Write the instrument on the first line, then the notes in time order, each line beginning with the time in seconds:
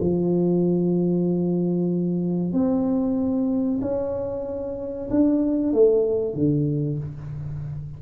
tuba
0.00 F3
2.52 C4
3.81 C#4
5.10 D4
5.73 A3
6.34 D3